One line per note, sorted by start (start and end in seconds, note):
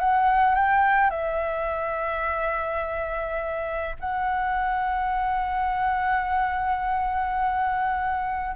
0.00 0.56 F#5
0.56 1.11 G5
1.11 3.97 E5
4.01 8.56 F#5